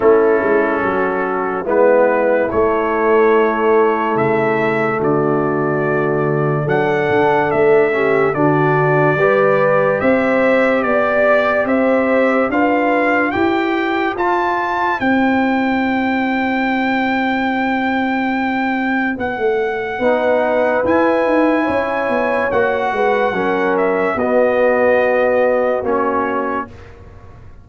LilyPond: <<
  \new Staff \with { instrumentName = "trumpet" } { \time 4/4 \tempo 4 = 72 a'2 b'4 cis''4~ | cis''4 e''4 d''2 | fis''4 e''4 d''2 | e''4 d''4 e''4 f''4 |
g''4 a''4 g''2~ | g''2. fis''4~ | fis''4 gis''2 fis''4~ | fis''8 e''8 dis''2 cis''4 | }
  \new Staff \with { instrumentName = "horn" } { \time 4/4 e'4 fis'4 e'2~ | e'2 fis'2 | a'4. g'8 fis'4 b'4 | c''4 d''4 c''4 b'4 |
c''1~ | c''1 | b'2 cis''4. b'8 | ais'4 fis'2. | }
  \new Staff \with { instrumentName = "trombone" } { \time 4/4 cis'2 b4 a4~ | a1 | d'4. cis'8 d'4 g'4~ | g'2. f'4 |
g'4 f'4 e'2~ | e'1 | dis'4 e'2 fis'4 | cis'4 b2 cis'4 | }
  \new Staff \with { instrumentName = "tuba" } { \time 4/4 a8 gis8 fis4 gis4 a4~ | a4 cis4 d2 | fis8 d8 a4 d4 g4 | c'4 b4 c'4 d'4 |
e'4 f'4 c'2~ | c'2. b16 a8. | b4 e'8 dis'8 cis'8 b8 ais8 gis8 | fis4 b2 ais4 | }
>>